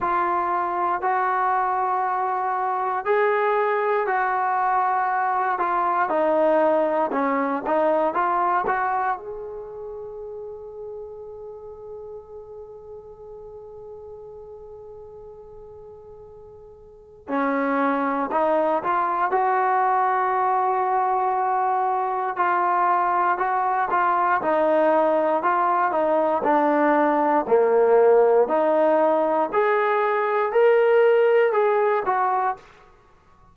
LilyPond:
\new Staff \with { instrumentName = "trombone" } { \time 4/4 \tempo 4 = 59 f'4 fis'2 gis'4 | fis'4. f'8 dis'4 cis'8 dis'8 | f'8 fis'8 gis'2.~ | gis'1~ |
gis'4 cis'4 dis'8 f'8 fis'4~ | fis'2 f'4 fis'8 f'8 | dis'4 f'8 dis'8 d'4 ais4 | dis'4 gis'4 ais'4 gis'8 fis'8 | }